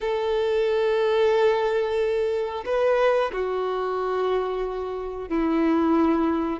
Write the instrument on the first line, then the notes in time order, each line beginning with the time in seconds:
violin
0.00 A4
2.65 B4
3.32 F#4
5.28 E4